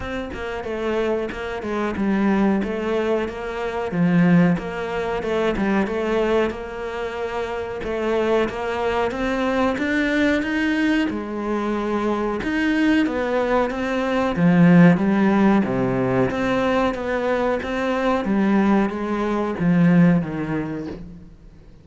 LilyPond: \new Staff \with { instrumentName = "cello" } { \time 4/4 \tempo 4 = 92 c'8 ais8 a4 ais8 gis8 g4 | a4 ais4 f4 ais4 | a8 g8 a4 ais2 | a4 ais4 c'4 d'4 |
dis'4 gis2 dis'4 | b4 c'4 f4 g4 | c4 c'4 b4 c'4 | g4 gis4 f4 dis4 | }